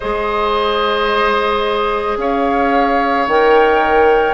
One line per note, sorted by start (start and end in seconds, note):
0.00 2.17 G#3
0.00 3.28 G#4
0.00 2.17 C5
0.00 2.18 D#5
2.17 3.26 C#4
2.17 4.33 C#5
2.17 3.27 F5
3.27 4.33 D#3
3.27 4.33 A#4
3.27 4.33 G5